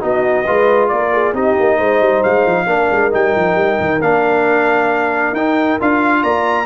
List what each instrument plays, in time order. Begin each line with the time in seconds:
0.00 tuba B3, trombone D#4, horn F#4, trumpet D#5
0.45 tuba G#3, trombone F4, horn B4
0.88 tuba A#3, horn A#4, trumpet D5
1.13 horn G#4
1.33 tuba C4, trombone D#4, horn G4, trumpet D#5
1.59 tuba A#3
1.77 tuba G#3, horn C5
2.00 tuba G3
2.23 tuba G#3, trumpet F5
2.45 tuba F3
2.66 tuba A#3, trombone D4, horn A#4
2.91 tuba G#3
3.11 tuba G3, trombone D#4, trumpet G5
3.35 tuba F3
3.55 tuba G3
3.80 tuba D#3
4.00 tuba A#3, trombone D4, trumpet F5
5.32 tuba D#4, trombone D#4, trumpet G5
5.80 tuba D4, trombone F4, trumpet F5
6.22 tuba A#3, horn D5, trumpet A#5